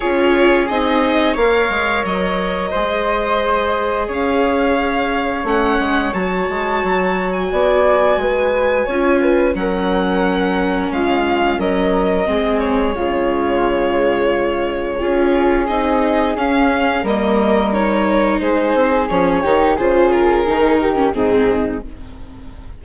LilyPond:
<<
  \new Staff \with { instrumentName = "violin" } { \time 4/4 \tempo 4 = 88 cis''4 dis''4 f''4 dis''4~ | dis''2 f''2 | fis''4 a''4.~ a''16 gis''4~ gis''16~ | gis''2 fis''2 |
f''4 dis''4. cis''4.~ | cis''2. dis''4 | f''4 dis''4 cis''4 c''4 | cis''4 c''8 ais'4. gis'4 | }
  \new Staff \with { instrumentName = "flute" } { \time 4/4 gis'2 cis''2 | c''2 cis''2~ | cis''2. d''4 | b'4 cis''8 b'8 ais'2 |
f'4 ais'4 gis'4 f'4~ | f'2 gis'2~ | gis'4 ais'2 gis'4~ | gis'8 g'8 gis'4. g'8 dis'4 | }
  \new Staff \with { instrumentName = "viola" } { \time 4/4 f'4 dis'4 ais'2 | gis'1 | cis'4 fis'2.~ | fis'4 f'4 cis'2~ |
cis'2 c'4 gis4~ | gis2 f'4 dis'4 | cis'4 ais4 dis'2 | cis'8 dis'8 f'4 dis'8. cis'16 c'4 | }
  \new Staff \with { instrumentName = "bassoon" } { \time 4/4 cis'4 c'4 ais8 gis8 fis4 | gis2 cis'2 | a8 gis8 fis8 gis8 fis4 b4 | gis4 cis'4 fis2 |
gis4 fis4 gis4 cis4~ | cis2 cis'4 c'4 | cis'4 g2 gis8 c'8 | f8 dis8 cis4 dis4 gis,4 | }
>>